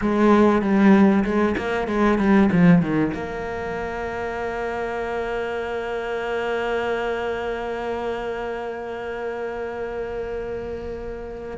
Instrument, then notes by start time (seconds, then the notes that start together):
cello
0.01 G#3
0.61 G3
1.24 G#3
1.57 A#3
1.87 G#3
2.18 G3
2.52 F3
2.81 D#3
3.13 A#3